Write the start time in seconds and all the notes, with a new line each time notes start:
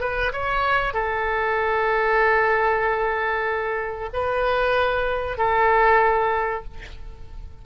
0.00 B4
0.32 C#5
0.93 A4
4.13 B4
5.37 A4